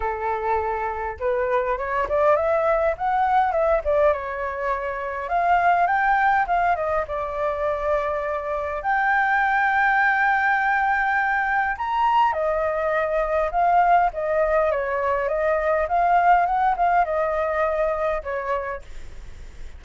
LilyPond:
\new Staff \with { instrumentName = "flute" } { \time 4/4 \tempo 4 = 102 a'2 b'4 cis''8 d''8 | e''4 fis''4 e''8 d''8 cis''4~ | cis''4 f''4 g''4 f''8 dis''8 | d''2. g''4~ |
g''1 | ais''4 dis''2 f''4 | dis''4 cis''4 dis''4 f''4 | fis''8 f''8 dis''2 cis''4 | }